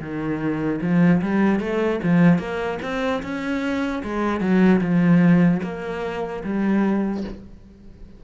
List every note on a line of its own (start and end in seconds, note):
0.00 0.80 D#3
0.81 1.21 F3
1.21 1.60 G3
1.60 2.00 A3
2.03 2.39 F3
2.39 2.79 A#3
2.82 3.22 C4
3.23 4.03 C#4
4.03 4.40 G#3
4.40 4.80 F#3
4.81 5.61 F3
5.63 6.43 A#3
6.43 7.23 G3